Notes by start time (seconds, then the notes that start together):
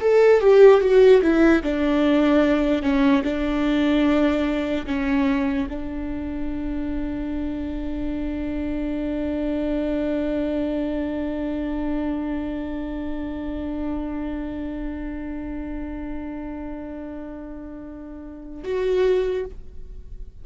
0.00 A4
0.40 G4
0.80 F#4
1.22 E4
1.63 D4
2.82 C#4
3.24 D4
4.86 C#4
5.69 D4
18.64 F#4